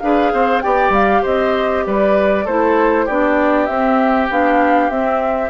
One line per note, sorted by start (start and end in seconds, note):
0.00 0.33 D4
0.00 0.62 G#4
0.00 0.33 B4
0.00 0.61 F5
0.33 0.64 C4
0.33 0.63 C5
0.62 0.90 B3
0.62 2.46 G4
0.62 1.22 D5
0.62 0.92 G5
0.90 1.20 G3
0.90 1.24 F5
1.22 1.87 C4
1.22 1.84 C5
1.22 1.86 D#5
1.87 2.47 G3
1.87 2.45 B4
1.87 2.47 D5
2.45 3.08 A3
2.45 3.09 E4
2.45 3.06 A4
2.45 3.07 C5
3.06 3.68 B3
3.06 3.68 D4
3.06 5.51 G4
3.06 3.66 D5
3.66 4.29 C4
3.66 4.30 C4
3.66 4.27 E5
4.30 4.90 B3
4.30 4.91 D4
4.30 4.90 F5
4.90 5.51 C4
4.90 5.51 E5